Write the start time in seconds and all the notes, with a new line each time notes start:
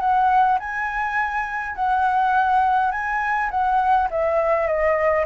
0.00 F#5
0.59 G#5
1.75 F#5
2.91 G#5
3.50 F#5
4.10 E5
4.67 D#5